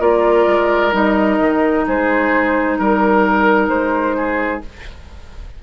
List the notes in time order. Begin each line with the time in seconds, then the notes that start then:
0.00 A#3 F4 A#4 D5
0.47 G#3
0.92 G3 D#4 D#5
1.40 D#3
1.87 G#3 G#4 C5
2.79 G3 A#4
3.69 G#3 C5
4.17 G#4